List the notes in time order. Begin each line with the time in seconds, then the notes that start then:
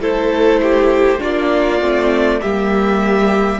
0.00 A3 E4 A4 C5
0.62 G4
1.18 A#3 D4 F4 D5
1.80 A3 C4
2.41 G3 A#3 G4 E5